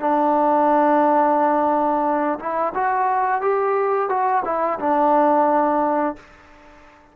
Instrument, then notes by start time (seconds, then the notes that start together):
trombone
0.00 D4
2.39 E4
2.74 F#4
3.41 G4
4.09 F#4
4.44 E4
4.79 D4